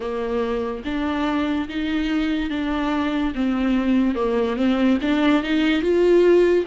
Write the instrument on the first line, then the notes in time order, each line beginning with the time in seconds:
viola
0.00 A#3
0.84 D4
1.68 D#4
2.50 D4
3.34 C4
4.15 A#3
4.56 C4
5.02 D4
5.43 D#4
5.81 F4